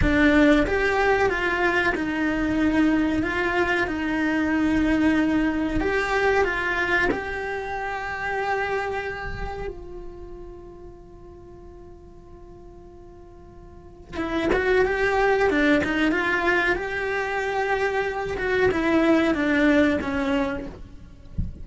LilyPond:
\new Staff \with { instrumentName = "cello" } { \time 4/4 \tempo 4 = 93 d'4 g'4 f'4 dis'4~ | dis'4 f'4 dis'2~ | dis'4 g'4 f'4 g'4~ | g'2. f'4~ |
f'1~ | f'2 e'8 fis'8 g'4 | d'8 dis'8 f'4 g'2~ | g'8 fis'8 e'4 d'4 cis'4 | }